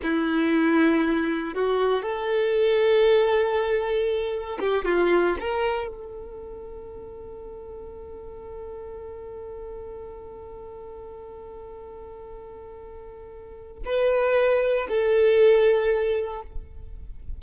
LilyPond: \new Staff \with { instrumentName = "violin" } { \time 4/4 \tempo 4 = 117 e'2. fis'4 | a'1~ | a'4 g'8 f'4 ais'4 a'8~ | a'1~ |
a'1~ | a'1~ | a'2. b'4~ | b'4 a'2. | }